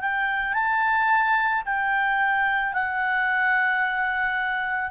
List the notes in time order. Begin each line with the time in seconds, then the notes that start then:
0.00 G5
0.53 A5
1.65 G5
2.73 F#5